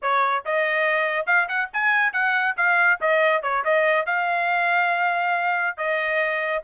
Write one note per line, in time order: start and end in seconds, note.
0.01 0.44 C#5
0.45 1.26 D#5
1.26 1.47 F5
1.48 1.69 F#5
1.73 2.12 G#5
2.12 2.55 F#5
2.56 2.99 F5
3.00 3.42 D#5
3.42 3.64 C#5
3.64 4.06 D#5
4.06 5.77 F5
5.77 6.62 D#5